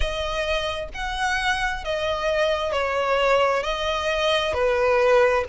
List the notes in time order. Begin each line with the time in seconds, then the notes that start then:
0.00 D#5
0.93 F#5
1.84 D#5
2.72 C#5
3.63 D#5
4.53 B4